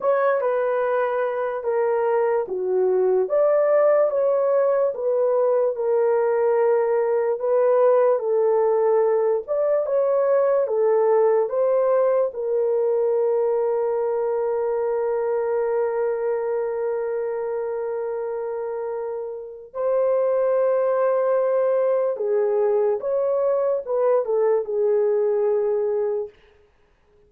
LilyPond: \new Staff \with { instrumentName = "horn" } { \time 4/4 \tempo 4 = 73 cis''8 b'4. ais'4 fis'4 | d''4 cis''4 b'4 ais'4~ | ais'4 b'4 a'4. d''8 | cis''4 a'4 c''4 ais'4~ |
ais'1~ | ais'1 | c''2. gis'4 | cis''4 b'8 a'8 gis'2 | }